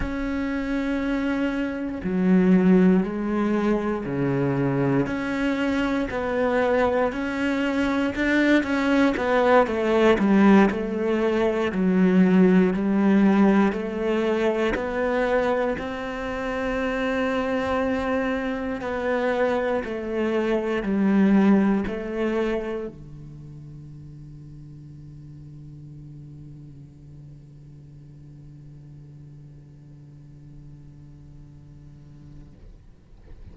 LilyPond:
\new Staff \with { instrumentName = "cello" } { \time 4/4 \tempo 4 = 59 cis'2 fis4 gis4 | cis4 cis'4 b4 cis'4 | d'8 cis'8 b8 a8 g8 a4 fis8~ | fis8 g4 a4 b4 c'8~ |
c'2~ c'8 b4 a8~ | a8 g4 a4 d4.~ | d1~ | d1 | }